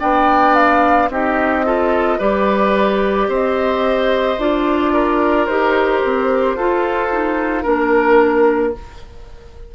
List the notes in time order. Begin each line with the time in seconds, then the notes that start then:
0.00 B3 D4 D5 G5
0.55 F5
1.09 C4 D#4 G4 D#5
1.65 F4 A4
2.19 G3 G4 B4 D5
3.28 C4 C5 D#5
4.38 D4 F4 D5
4.93 A#4
5.46 D#4 G4 C5
6.04 C4
6.55 F4 A4
7.11 D#4
7.63 A#3 D4 A#4